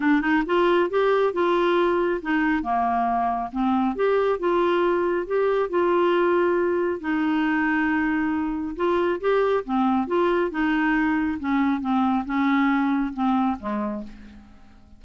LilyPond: \new Staff \with { instrumentName = "clarinet" } { \time 4/4 \tempo 4 = 137 d'8 dis'8 f'4 g'4 f'4~ | f'4 dis'4 ais2 | c'4 g'4 f'2 | g'4 f'2. |
dis'1 | f'4 g'4 c'4 f'4 | dis'2 cis'4 c'4 | cis'2 c'4 gis4 | }